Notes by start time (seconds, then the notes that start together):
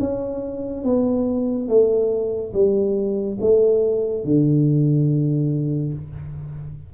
0.00 C#4
0.84 B3
1.68 A3
2.54 G3
3.41 A3
4.24 D3